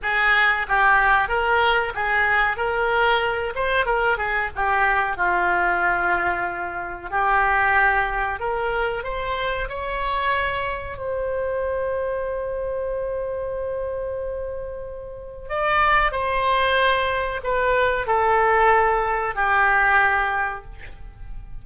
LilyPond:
\new Staff \with { instrumentName = "oboe" } { \time 4/4 \tempo 4 = 93 gis'4 g'4 ais'4 gis'4 | ais'4. c''8 ais'8 gis'8 g'4 | f'2. g'4~ | g'4 ais'4 c''4 cis''4~ |
cis''4 c''2.~ | c''1 | d''4 c''2 b'4 | a'2 g'2 | }